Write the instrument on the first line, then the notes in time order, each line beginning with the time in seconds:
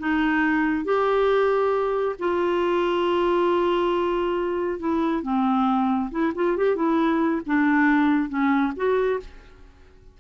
clarinet
0.00 D#4
0.85 G4
2.20 F4
4.80 E4
5.23 C4
6.11 E4
6.36 F4
6.57 G4
6.76 E4
7.47 D4
8.29 C#4
8.77 F#4